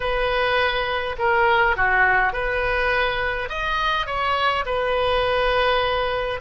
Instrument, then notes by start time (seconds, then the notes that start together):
oboe
0.00 B4
1.18 A#4
1.76 F#4
2.32 B4
3.49 D#5
4.06 C#5
4.65 B4